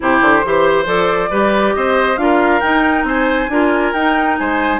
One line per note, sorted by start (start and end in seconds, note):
0.00 0.21 C3
0.00 0.43 E4
0.00 0.46 G4
0.00 0.86 C5
0.21 0.43 D3
0.44 0.85 E3
0.44 0.85 G4
0.44 1.30 C5
0.85 1.29 F3
0.85 1.29 A4
0.85 1.73 D5
1.30 1.74 G3
1.30 2.17 G4
1.30 1.74 B4
1.73 2.17 C4
1.73 2.20 C5
1.73 2.17 D#5
2.17 2.61 D4
2.17 2.61 F4
2.17 3.07 A#4
2.17 2.60 F5
2.60 3.50 D#4
2.60 3.03 D#4
2.60 3.04 G5
3.03 3.47 C4
3.03 3.51 C5
3.03 3.93 G#5
3.48 3.92 D4
3.48 3.94 F4
3.48 4.39 A#4
3.93 4.37 D#4
3.93 4.79 D#4
3.93 4.36 G5
4.38 4.79 G#3
4.38 4.79 C5
4.38 4.79 G#5